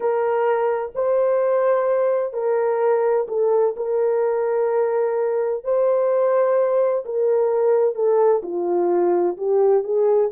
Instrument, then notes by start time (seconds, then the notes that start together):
horn
0.00 A#4
0.95 C5
2.33 A#4
3.28 A4
3.76 A#4
5.63 C5
7.05 A#4
7.94 A4
8.42 F4
9.37 G4
9.83 G#4